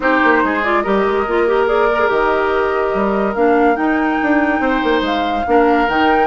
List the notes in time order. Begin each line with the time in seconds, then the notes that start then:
0.00 C4 D#4 G4 C5
0.23 A#3
0.43 G#3 G#4
0.63 F4 D5
0.81 G3 G4 A#4 D#5
1.06 G#3
1.26 A#3 F4
1.47 G4
1.67 G#4 D5
1.91 A#4
1.99 G#4
2.08 D#3 G4 D#5
2.94 G3
3.35 A#3 D4 F5
3.75 D#4 G5
4.22 D4
4.59 C4 C5
4.83 A#3
5.01 G#3 F5
5.46 A#3 D4 A#4
5.88 D#3 D#4 G5